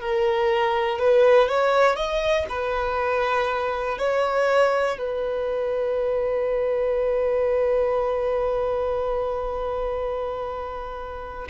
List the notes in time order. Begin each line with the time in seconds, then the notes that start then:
0.00 A#4
0.99 B4
1.49 C#5
1.96 D#5
2.49 B4
3.98 C#5
4.98 B4